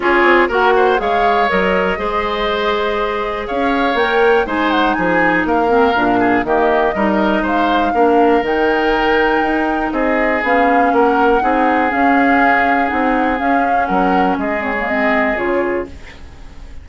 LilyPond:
<<
  \new Staff \with { instrumentName = "flute" } { \time 4/4 \tempo 4 = 121 cis''4 fis''4 f''4 dis''4~ | dis''2. f''4 | g''4 gis''8 fis''8 gis''4 f''4~ | f''4 dis''2 f''4~ |
f''4 g''2. | dis''4 f''4 fis''2 | f''2 fis''4 f''4 | fis''4 dis''8 cis''8 dis''4 cis''4 | }
  \new Staff \with { instrumentName = "oboe" } { \time 4/4 gis'4 ais'8 c''8 cis''2 | c''2. cis''4~ | cis''4 c''4 gis'4 ais'4~ | ais'8 gis'8 g'4 ais'4 c''4 |
ais'1 | gis'2 ais'4 gis'4~ | gis'1 | ais'4 gis'2. | }
  \new Staff \with { instrumentName = "clarinet" } { \time 4/4 f'4 fis'4 gis'4 ais'4 | gis'1 | ais'4 dis'2~ dis'8 c'8 | d'4 ais4 dis'2 |
d'4 dis'2.~ | dis'4 cis'2 dis'4 | cis'2 dis'4 cis'4~ | cis'4. c'16 ais16 c'4 f'4 | }
  \new Staff \with { instrumentName = "bassoon" } { \time 4/4 cis'8 c'8 ais4 gis4 fis4 | gis2. cis'4 | ais4 gis4 f4 ais4 | ais,4 dis4 g4 gis4 |
ais4 dis2 dis'4 | c'4 b4 ais4 c'4 | cis'2 c'4 cis'4 | fis4 gis2 cis4 | }
>>